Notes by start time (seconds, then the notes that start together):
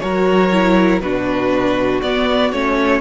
0.00 F#3 F#4 A#4 C#5
0.53 E4
1.00 B2 D4 F#4 B4
2.02 B3 D5
2.52 A3 C#4 C#5